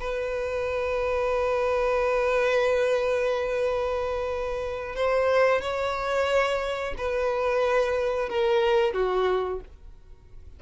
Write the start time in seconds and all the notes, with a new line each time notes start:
0.00 B4
4.96 C5
5.61 C#5
6.98 B4
8.29 A#4
8.94 F#4